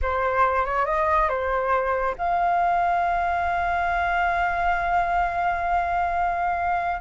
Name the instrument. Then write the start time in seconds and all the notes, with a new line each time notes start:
flute
0.02 C5
0.65 C#5
0.85 D#5
1.28 C5
2.17 F5